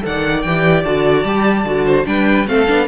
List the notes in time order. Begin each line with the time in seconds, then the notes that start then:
0.00 D#3 A4 F#5
0.06 D5
0.42 E3 G4 G5
0.83 D3 F#4 A5
1.24 G3 G4
1.65 D3 F#4
1.86 C5
2.05 G3 D4 B4 G5
2.47 A3 C4 A4 F5
2.67 B3 D4